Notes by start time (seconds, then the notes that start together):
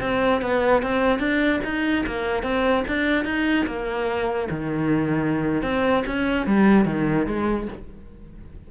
0.00 C4
0.41 B3
0.82 C4
1.19 D4
1.64 D#4
2.06 A#3
2.42 C4
2.87 D4
3.24 D#4
3.66 A#3
4.50 D#3
5.62 C4
6.06 C#4
6.46 G3
6.85 D#3
7.26 G#3